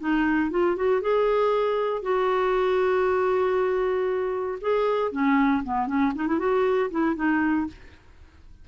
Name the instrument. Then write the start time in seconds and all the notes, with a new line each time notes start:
clarinet
0.00 D#4
0.51 F4
0.76 F#4
1.01 G#4
2.02 F#4
4.61 G#4
5.12 C#4
5.64 B3
5.87 C#4
6.15 D#4
6.28 E4
6.39 F#4
6.90 E4
7.16 D#4